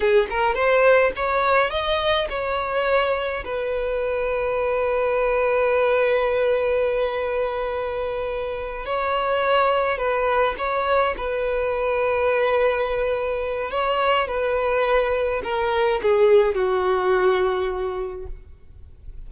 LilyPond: \new Staff \with { instrumentName = "violin" } { \time 4/4 \tempo 4 = 105 gis'8 ais'8 c''4 cis''4 dis''4 | cis''2 b'2~ | b'1~ | b'2.~ b'8 cis''8~ |
cis''4. b'4 cis''4 b'8~ | b'1 | cis''4 b'2 ais'4 | gis'4 fis'2. | }